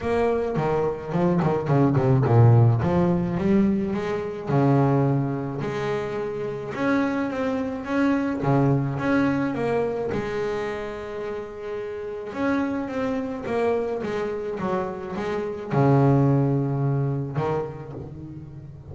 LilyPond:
\new Staff \with { instrumentName = "double bass" } { \time 4/4 \tempo 4 = 107 ais4 dis4 f8 dis8 cis8 c8 | ais,4 f4 g4 gis4 | cis2 gis2 | cis'4 c'4 cis'4 cis4 |
cis'4 ais4 gis2~ | gis2 cis'4 c'4 | ais4 gis4 fis4 gis4 | cis2. dis4 | }